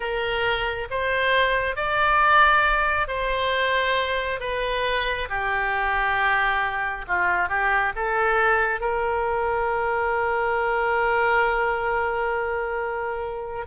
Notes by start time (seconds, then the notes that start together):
0.00 A#4
0.90 C5
1.76 D5
3.07 C5
4.40 B4
5.29 G4
7.07 F4
7.48 G4
7.95 A4
8.80 A#4